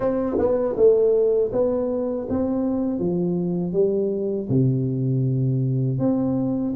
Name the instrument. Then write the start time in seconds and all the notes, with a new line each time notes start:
tuba
0.00 C4
0.38 B3
0.76 A3
1.52 B3
2.29 C4
2.99 F3
3.73 G3
4.49 C3
5.99 C4